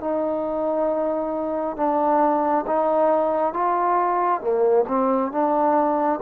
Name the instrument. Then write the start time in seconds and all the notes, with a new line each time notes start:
trombone
0.00 D#4
1.76 D4
2.66 D#4
3.53 F4
4.41 A#3
4.88 C4
5.31 D4